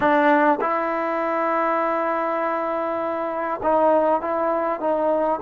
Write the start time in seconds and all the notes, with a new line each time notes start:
0.00 D4
0.60 E4
3.62 D#4
4.21 E4
4.80 D#4